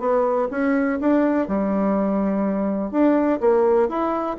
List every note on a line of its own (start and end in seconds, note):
0.00 0.48 B3
0.51 1.00 C#4
1.01 1.48 D4
1.48 2.92 G3
2.92 3.40 D4
3.41 3.89 A#3
3.89 4.37 E4